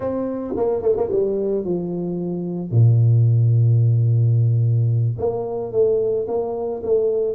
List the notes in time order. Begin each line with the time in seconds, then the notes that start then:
0.00 C4
0.56 A#3
0.82 A3
0.96 A#3
1.12 G3
1.64 F3
2.71 A#2
5.18 A#3
5.72 A3
6.27 A#3
6.83 A3